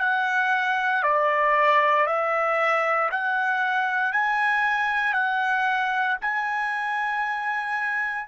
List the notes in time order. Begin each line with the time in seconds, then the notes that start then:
0.00 F#5
1.03 D5
2.06 E5
3.11 F#5
4.12 G#5
5.13 F#5
6.21 G#5